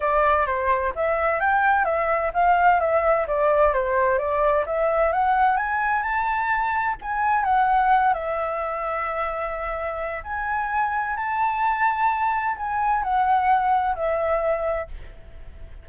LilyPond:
\new Staff \with { instrumentName = "flute" } { \time 4/4 \tempo 4 = 129 d''4 c''4 e''4 g''4 | e''4 f''4 e''4 d''4 | c''4 d''4 e''4 fis''4 | gis''4 a''2 gis''4 |
fis''4. e''2~ e''8~ | e''2 gis''2 | a''2. gis''4 | fis''2 e''2 | }